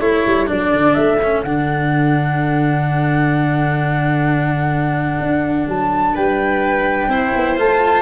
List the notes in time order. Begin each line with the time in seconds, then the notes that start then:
0.00 A3 E4 A4 C#5
0.26 G3
0.46 F#3 D4 D5
0.71 D3
0.94 A3 E5
1.22 C#4
1.43 D3 D4 F#5
5.20 D4
5.67 F#3 A5
6.14 G3 B4 G5
7.07 C4 E4 C5
7.35 B3
7.56 A3 F4 A5